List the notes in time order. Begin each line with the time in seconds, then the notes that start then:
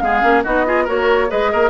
0.00 G#3 B3 G#4 F5
0.21 A#3 C#4
0.44 B3 D#4 F#4 D#5
0.66 F4 G#4
0.84 A#3 F#4 A#4 C#5
1.28 G#3 G#4 B4 D#5
1.52 A#3 A#4